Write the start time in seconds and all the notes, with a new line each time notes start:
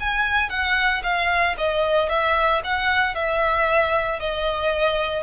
0.00 G#5
0.50 F#5
1.03 F5
1.58 D#5
2.09 E5
2.64 F#5
3.15 E5
4.20 D#5